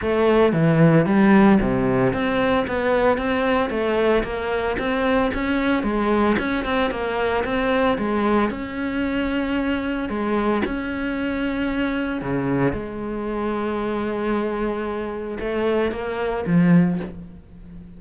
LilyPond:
\new Staff \with { instrumentName = "cello" } { \time 4/4 \tempo 4 = 113 a4 e4 g4 c4 | c'4 b4 c'4 a4 | ais4 c'4 cis'4 gis4 | cis'8 c'8 ais4 c'4 gis4 |
cis'2. gis4 | cis'2. cis4 | gis1~ | gis4 a4 ais4 f4 | }